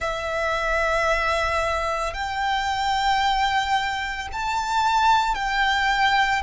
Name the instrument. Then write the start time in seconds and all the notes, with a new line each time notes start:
violin
0.00 E5
2.13 G5
4.32 A5
5.34 G5